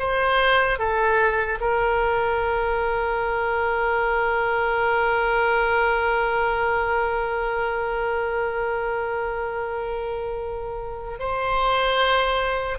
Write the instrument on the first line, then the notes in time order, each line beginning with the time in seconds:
oboe
0.00 C5
0.79 A4
1.61 A#4
11.20 C5